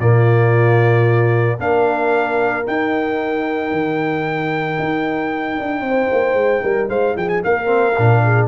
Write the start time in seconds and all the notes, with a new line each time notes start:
0.00 A#2 A#3 F4 D5
1.58 A#3 D4 A#4 F5
2.64 D#4 G5
3.72 D#3
4.80 D#4
5.60 D4
5.81 C4
5.88 C5
6.12 A#3
6.34 G#3
6.63 G3 A#4
6.89 G#3 C5 F5
7.17 F3 G#4 G5
7.29 G#5
7.44 A#3 A#4 F5
7.66 C4
7.98 A#2 D4
8.25 G#4